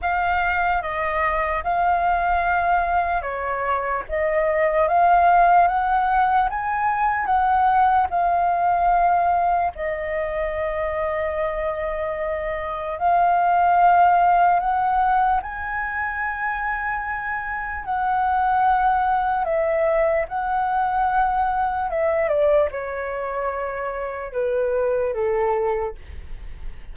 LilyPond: \new Staff \with { instrumentName = "flute" } { \time 4/4 \tempo 4 = 74 f''4 dis''4 f''2 | cis''4 dis''4 f''4 fis''4 | gis''4 fis''4 f''2 | dis''1 |
f''2 fis''4 gis''4~ | gis''2 fis''2 | e''4 fis''2 e''8 d''8 | cis''2 b'4 a'4 | }